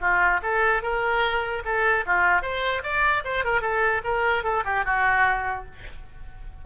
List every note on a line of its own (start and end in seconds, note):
0.00 0.40 F4
0.42 0.82 A4
0.82 1.63 A#4
1.64 2.05 A4
2.06 2.42 F4
2.42 2.82 C5
2.83 3.23 D5
3.24 3.44 C5
3.44 3.61 A#4
3.61 4.01 A4
4.04 4.43 A#4
4.43 4.63 A4
4.64 4.84 G4
4.84 5.65 F#4